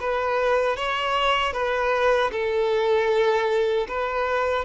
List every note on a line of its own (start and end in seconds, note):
0.00 0.77 B4
0.77 1.53 C#5
1.53 2.31 B4
2.32 3.87 A4
3.88 4.65 B4